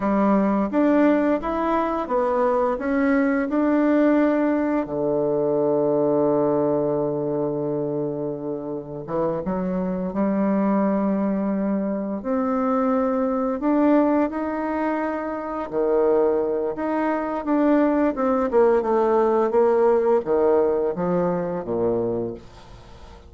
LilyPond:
\new Staff \with { instrumentName = "bassoon" } { \time 4/4 \tempo 4 = 86 g4 d'4 e'4 b4 | cis'4 d'2 d4~ | d1~ | d4 e8 fis4 g4.~ |
g4. c'2 d'8~ | d'8 dis'2 dis4. | dis'4 d'4 c'8 ais8 a4 | ais4 dis4 f4 ais,4 | }